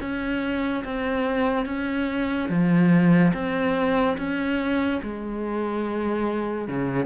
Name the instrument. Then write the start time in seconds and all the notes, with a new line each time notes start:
cello
0.00 C#4
0.84 C4
1.65 C#4
2.48 F3
3.33 C4
4.17 C#4
5.02 G#3
6.68 C#3